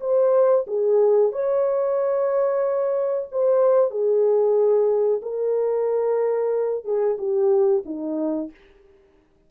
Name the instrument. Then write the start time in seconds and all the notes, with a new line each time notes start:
horn
0.00 C5
0.67 G#4
1.32 C#5
3.31 C5
3.90 G#4
5.22 A#4
6.84 G#4
7.18 G4
7.85 D#4